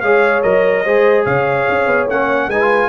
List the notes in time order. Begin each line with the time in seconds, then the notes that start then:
0.00 G#3 G#4 C#5 F5
0.42 F#3 A#4 D#5
0.84 G#3 G#4 C5
1.24 C#3 C#5 F5
1.68 C#4
1.86 B3
2.07 A#3 C#4 F#5
2.47 G#3 D#4 B4 G#5
2.61 F4